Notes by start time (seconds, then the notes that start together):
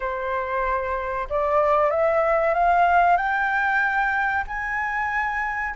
0.00 C5
1.29 D5
1.90 E5
2.54 F5
3.16 G5
4.47 G#5